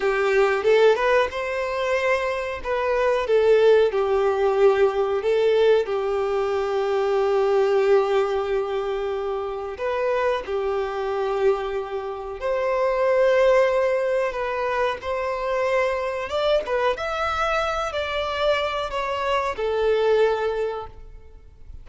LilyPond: \new Staff \with { instrumentName = "violin" } { \time 4/4 \tempo 4 = 92 g'4 a'8 b'8 c''2 | b'4 a'4 g'2 | a'4 g'2.~ | g'2. b'4 |
g'2. c''4~ | c''2 b'4 c''4~ | c''4 d''8 b'8 e''4. d''8~ | d''4 cis''4 a'2 | }